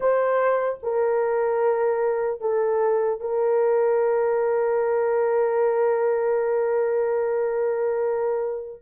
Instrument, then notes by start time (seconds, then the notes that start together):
horn
0.00 C5
0.83 A#4
2.40 A4
3.20 A#4